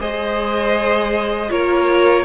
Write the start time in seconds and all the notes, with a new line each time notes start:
0.00 G#3 G#4 C5 D#5
1.49 A#3 F4 A#4 C#5